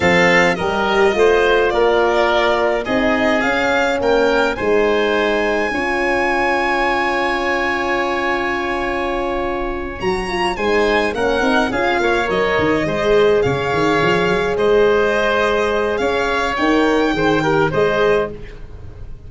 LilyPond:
<<
  \new Staff \with { instrumentName = "violin" } { \time 4/4 \tempo 4 = 105 f''4 dis''2 d''4~ | d''4 dis''4 f''4 g''4 | gis''1~ | gis''1~ |
gis''4. ais''4 gis''4 fis''8~ | fis''8 f''4 dis''2 f''8~ | f''4. dis''2~ dis''8 | f''4 g''2 dis''4 | }
  \new Staff \with { instrumentName = "oboe" } { \time 4/4 a'4 ais'4 c''4 ais'4~ | ais'4 gis'2 ais'4 | c''2 cis''2~ | cis''1~ |
cis''2~ cis''8 c''4 ais'8~ | ais'8 gis'8 cis''4. c''4 cis''8~ | cis''4. c''2~ c''8 | cis''2 c''8 ais'8 c''4 | }
  \new Staff \with { instrumentName = "horn" } { \time 4/4 c'4 g'4 f'2~ | f'4 dis'4 cis'2 | dis'2 f'2~ | f'1~ |
f'4. fis'8 f'8 dis'4 cis'8 | dis'8 f'4 ais'4 gis'4.~ | gis'1~ | gis'4 ais'4 gis'8 g'8 gis'4 | }
  \new Staff \with { instrumentName = "tuba" } { \time 4/4 f4 g4 a4 ais4~ | ais4 c'4 cis'4 ais4 | gis2 cis'2~ | cis'1~ |
cis'4. fis4 gis4 ais8 | c'8 cis'8 ais8 fis8 dis8 gis4 cis8 | dis8 f8 fis8 gis2~ gis8 | cis'4 dis'4 dis4 gis4 | }
>>